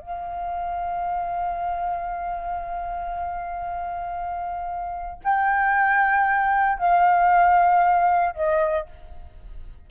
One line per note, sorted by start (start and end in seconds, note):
0.00 5.22 F5
5.24 6.79 G5
6.79 8.35 F5
8.35 8.87 D#5